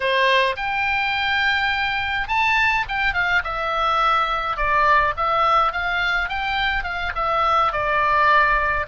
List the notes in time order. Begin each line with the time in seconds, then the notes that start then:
0.00 C5
0.56 G5
2.28 A5
2.88 G5
3.13 F5
3.44 E5
4.56 D5
5.16 E5
5.72 F5
6.28 G5
6.83 F5
7.15 E5
7.72 D5